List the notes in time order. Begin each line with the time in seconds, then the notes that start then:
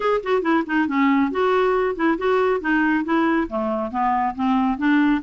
0.00 G#4
0.23 F#4
0.42 E4
0.66 D#4
0.87 C#4
1.31 F#4
1.95 E4
2.18 F#4
2.60 D#4
3.04 E4
3.49 A3
3.91 B3
4.35 C4
4.78 D4